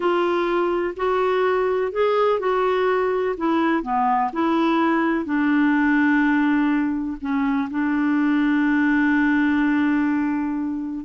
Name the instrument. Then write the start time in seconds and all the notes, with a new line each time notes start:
clarinet
0.00 F4
0.96 F#4
1.92 G#4
2.39 F#4
3.37 E4
3.83 B3
4.32 E4
5.25 D4
7.20 C#4
7.70 D4